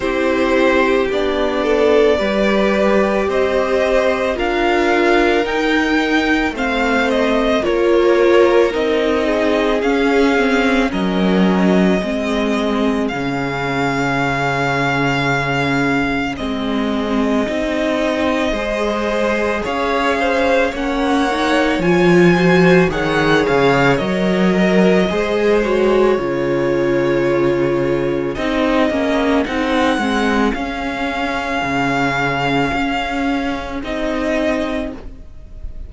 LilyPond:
<<
  \new Staff \with { instrumentName = "violin" } { \time 4/4 \tempo 4 = 55 c''4 d''2 dis''4 | f''4 g''4 f''8 dis''8 cis''4 | dis''4 f''4 dis''2 | f''2. dis''4~ |
dis''2 f''4 fis''4 | gis''4 fis''8 f''8 dis''4. cis''8~ | cis''2 dis''4 fis''4 | f''2. dis''4 | }
  \new Staff \with { instrumentName = "violin" } { \time 4/4 g'4. a'8 b'4 c''4 | ais'2 c''4 ais'4~ | ais'8 gis'4. ais'4 gis'4~ | gis'1~ |
gis'4 c''4 cis''8 c''8 cis''4~ | cis''8 c''8 cis''4. ais'8 c''4 | gis'1~ | gis'1 | }
  \new Staff \with { instrumentName = "viola" } { \time 4/4 e'4 d'4 g'2 | f'4 dis'4 c'4 f'4 | dis'4 cis'8 c'8 cis'4 c'4 | cis'2. c'4 |
dis'4 gis'2 cis'8 dis'8 | f'8 fis'8 gis'4 ais'4 gis'8 fis'8 | f'2 dis'8 cis'8 dis'8 c'8 | cis'2. dis'4 | }
  \new Staff \with { instrumentName = "cello" } { \time 4/4 c'4 b4 g4 c'4 | d'4 dis'4 a4 ais4 | c'4 cis'4 fis4 gis4 | cis2. gis4 |
c'4 gis4 cis'4 ais4 | f4 dis8 cis8 fis4 gis4 | cis2 c'8 ais8 c'8 gis8 | cis'4 cis4 cis'4 c'4 | }
>>